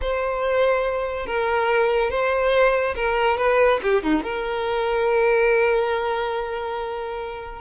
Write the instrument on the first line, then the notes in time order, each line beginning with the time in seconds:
violin
0.01 C5
1.26 A#4
2.10 C5
2.95 A#4
3.37 B4
3.82 G4
4.03 D#4
4.23 A#4